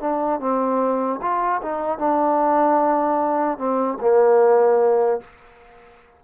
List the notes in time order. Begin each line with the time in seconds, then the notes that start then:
0.00 D4
0.40 C4
1.21 F4
1.62 D#4
1.98 D4
3.58 C4
4.00 A#3